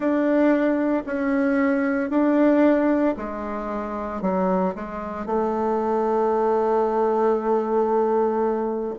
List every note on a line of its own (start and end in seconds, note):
0.00 1.03 D4
1.06 2.10 C#4
2.10 3.15 D4
3.16 4.21 G#3
4.21 4.74 F#3
4.75 5.26 G#3
5.26 8.94 A3